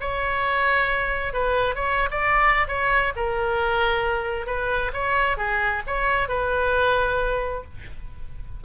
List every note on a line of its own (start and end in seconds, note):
0.00 1.33 C#5
1.33 1.75 B4
1.75 2.09 C#5
2.10 2.67 D5
2.67 3.12 C#5
3.16 4.46 A#4
4.46 4.91 B4
4.93 5.37 C#5
5.37 5.82 G#4
5.86 6.28 C#5
6.28 7.64 B4